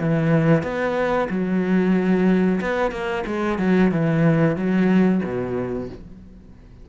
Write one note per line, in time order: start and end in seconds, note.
0.00 0.63 E3
0.63 1.29 B3
1.30 2.61 F#3
2.61 2.92 B3
2.92 3.24 A#3
3.27 3.59 G#3
3.59 3.92 F#3
3.92 4.56 E3
4.56 5.21 F#3
5.24 5.89 B2